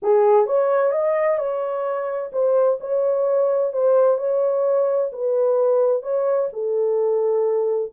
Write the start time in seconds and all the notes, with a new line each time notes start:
0.02 G#4
0.46 C#5
0.91 D#5
1.37 C#5
2.32 C5
2.80 C#5
3.73 C5
4.17 C#5
5.12 B4
6.02 C#5
6.52 A4